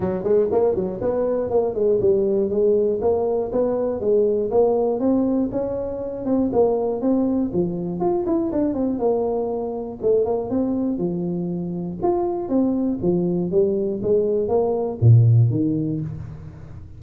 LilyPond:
\new Staff \with { instrumentName = "tuba" } { \time 4/4 \tempo 4 = 120 fis8 gis8 ais8 fis8 b4 ais8 gis8 | g4 gis4 ais4 b4 | gis4 ais4 c'4 cis'4~ | cis'8 c'8 ais4 c'4 f4 |
f'8 e'8 d'8 c'8 ais2 | a8 ais8 c'4 f2 | f'4 c'4 f4 g4 | gis4 ais4 ais,4 dis4 | }